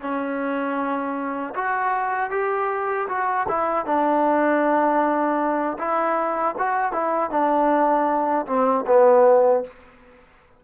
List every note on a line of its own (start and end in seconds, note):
0.00 1.54 C#4
1.55 2.30 F#4
2.30 3.07 G4
3.08 3.46 F#4
3.48 3.85 E4
3.85 5.77 D4
5.78 6.55 E4
6.58 6.92 F#4
6.92 7.30 E4
7.30 8.45 D4
8.46 8.85 C4
8.87 9.64 B3